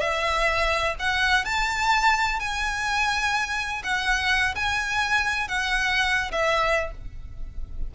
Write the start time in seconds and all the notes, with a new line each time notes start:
0.00 E5
0.99 F#5
1.45 A5
2.39 G#5
3.83 F#5
4.55 G#5
5.48 F#5
6.31 E5